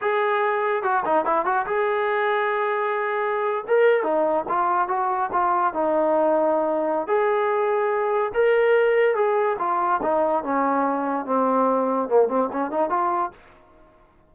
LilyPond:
\new Staff \with { instrumentName = "trombone" } { \time 4/4 \tempo 4 = 144 gis'2 fis'8 dis'8 e'8 fis'8 | gis'1~ | gis'8. ais'4 dis'4 f'4 fis'16~ | fis'8. f'4 dis'2~ dis'16~ |
dis'4 gis'2. | ais'2 gis'4 f'4 | dis'4 cis'2 c'4~ | c'4 ais8 c'8 cis'8 dis'8 f'4 | }